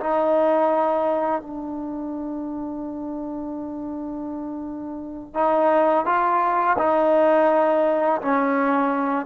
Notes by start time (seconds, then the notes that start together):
0.00 D#4
1.42 D4
5.34 D#4
6.06 F4
6.79 D#4
8.21 C#4